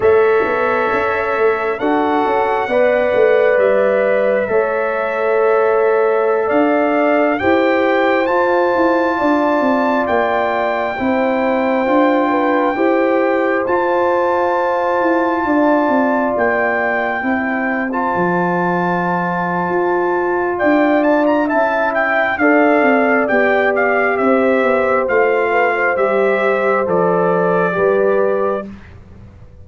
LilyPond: <<
  \new Staff \with { instrumentName = "trumpet" } { \time 4/4 \tempo 4 = 67 e''2 fis''2 | e''2.~ e''16 f''8.~ | f''16 g''4 a''2 g''8.~ | g''2.~ g''16 a''8.~ |
a''2~ a''16 g''4.~ g''16 | a''2. g''8 a''16 ais''16 | a''8 g''8 f''4 g''8 f''8 e''4 | f''4 e''4 d''2 | }
  \new Staff \with { instrumentName = "horn" } { \time 4/4 cis''2 a'4 d''4~ | d''4 cis''2~ cis''16 d''8.~ | d''16 c''2 d''4.~ d''16~ | d''16 c''4. b'8 c''4.~ c''16~ |
c''4~ c''16 d''2 c''8.~ | c''2. d''4 | e''4 d''2 c''4~ | c''8 b'16 c''2~ c''16 b'4 | }
  \new Staff \with { instrumentName = "trombone" } { \time 4/4 a'2 fis'4 b'4~ | b'4 a'2.~ | a'16 g'4 f'2~ f'8.~ | f'16 e'4 f'4 g'4 f'8.~ |
f'2.~ f'16 e'8. | f'1 | e'4 a'4 g'2 | f'4 g'4 a'4 g'4 | }
  \new Staff \with { instrumentName = "tuba" } { \time 4/4 a8 b8 cis'8 a8 d'8 cis'8 b8 a8 | g4 a2~ a16 d'8.~ | d'16 e'4 f'8 e'8 d'8 c'8 ais8.~ | ais16 c'4 d'4 e'4 f'8.~ |
f'8. e'8 d'8 c'8 ais4 c'8.~ | c'16 f4.~ f16 f'4 d'4 | cis'4 d'8 c'8 b4 c'8 b8 | a4 g4 f4 g4 | }
>>